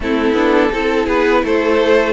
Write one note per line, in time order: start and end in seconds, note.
0.00 0.32 A3
0.00 0.36 C4
0.00 0.72 E4
0.00 1.08 A4
0.32 0.68 B3
0.32 0.71 D4
0.72 1.07 C4
0.72 2.12 E4
0.72 1.06 A4
1.06 1.42 B3
1.06 1.41 G#4
1.06 1.44 B4
1.44 2.12 A3
1.44 2.12 A4
1.44 2.12 C5